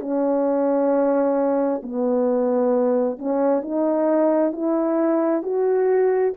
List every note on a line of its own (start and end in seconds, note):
0.00 1.82 C#4
1.83 3.19 B3
3.19 3.62 C#4
3.62 4.52 D#4
4.52 5.43 E4
5.43 6.33 F#4